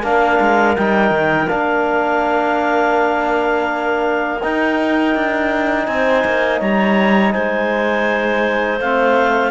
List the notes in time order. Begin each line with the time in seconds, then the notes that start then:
0.00 A#3 D4 A#4 F5
0.40 G#3
0.76 G3 D#4 G5
1.10 D#3
1.47 A#3 D4 F5
4.42 D#4 G5
5.15 D4
5.86 C4 C5 G#5
6.24 A#3
6.59 G3 C#5 A#5
7.32 G#3 C5 G#5
8.79 A3 C4 F5